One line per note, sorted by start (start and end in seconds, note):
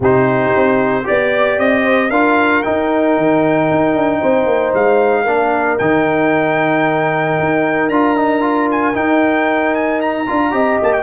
0.00 0.51 C3
0.00 1.04 D#4
0.00 1.06 G4
0.00 1.07 C5
0.55 1.08 C4
1.04 1.58 B3
1.04 2.09 G4
1.04 1.83 D5
1.04 1.59 D5
1.58 2.10 C4
1.58 2.10 D#5
1.83 2.10 C5
2.10 2.62 D4
2.10 2.63 F4
2.10 4.20 A#4
2.10 2.62 F5
2.62 5.26 D#4
2.62 3.17 D#4
2.62 4.73 G5
3.17 3.69 D#3
3.70 3.94 D#4
3.94 4.20 D4
4.20 4.45 C4
4.20 5.23 C5
4.45 4.72 A#3
4.74 5.26 G#3
4.74 5.78 F5
5.23 5.78 A#3
5.23 5.79 D4
5.23 10.50 A#4
5.78 7.38 D#3
5.78 7.91 D#4
5.78 7.89 G5
7.39 7.89 D#4
7.89 8.94 D4
7.89 8.16 F4
7.89 8.68 A#5
8.16 8.40 D#4
8.40 8.93 F4
8.71 8.95 G#5
8.94 10.25 D#4
8.94 10.26 D#4
8.94 9.74 G5
9.74 10.00 G#5
10.01 10.80 A#5
10.26 10.53 D4
10.26 10.51 F4
10.51 10.79 C4
10.51 11.02 G4
10.51 11.02 D#5
10.82 11.02 A#3
10.82 10.92 A5
10.92 11.02 G5